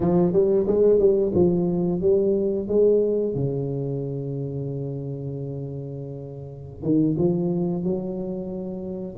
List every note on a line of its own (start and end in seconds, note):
0.00 0.32 F3
0.32 0.66 G3
0.67 0.98 G#3
0.98 1.32 G3
1.34 2.01 F3
2.01 2.68 G3
2.68 3.34 G#3
3.34 6.82 C#3
6.82 7.16 D#3
7.18 7.83 F3
7.83 9.17 F#3